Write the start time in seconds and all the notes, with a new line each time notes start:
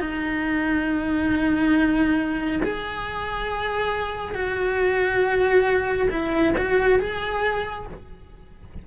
0.00 D#4
2.63 G#4
4.35 F#4
6.11 E4
6.58 F#4
7.00 G#4